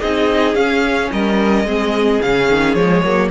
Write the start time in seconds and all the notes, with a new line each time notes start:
0.00 C4 D#4 G#4 D#5
0.55 C#4 F5
1.12 G3 A#4 D#5
1.65 G#3 C4 G#4
2.22 C#3 C#4 F5
2.50 D#3
2.74 F3 G#3 C#5
3.03 F#3 A#3